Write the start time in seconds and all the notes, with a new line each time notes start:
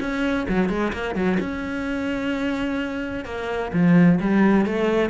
0.00 C#4
0.49 F#3
0.69 G#3
0.93 A#3
1.15 F#3
1.40 C#4
3.25 A#3
3.73 F3
4.21 G3
4.66 A3